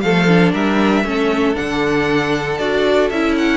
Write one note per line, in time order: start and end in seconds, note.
0.00 0.53 F3
0.00 0.28 A3
0.00 0.52 A4
0.00 0.51 F5
0.28 1.04 D4
0.52 1.03 G3
0.52 1.03 A#4
0.52 1.55 E5
1.03 1.55 A3
1.03 1.54 C#4
1.03 3.57 A4
1.54 2.59 D3
1.54 2.57 D4
1.54 2.58 F#5
2.58 3.10 D4
2.58 3.10 F#4
2.58 3.09 D5
3.09 3.57 C#4
3.09 3.57 E4
3.09 3.35 E5
3.37 3.57 F#5